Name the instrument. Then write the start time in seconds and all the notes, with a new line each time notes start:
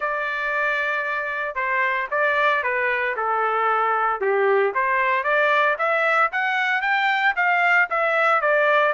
trumpet
0.00 D5
1.55 C5
2.11 D5
2.63 B4
3.16 A4
4.20 G4
4.74 C5
5.23 D5
5.78 E5
6.32 F#5
6.81 G5
7.36 F5
7.89 E5
8.41 D5